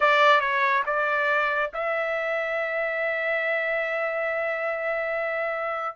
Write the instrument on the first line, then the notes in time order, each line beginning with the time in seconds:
trumpet
0.00 D5
0.40 C#5
0.86 D5
1.73 E5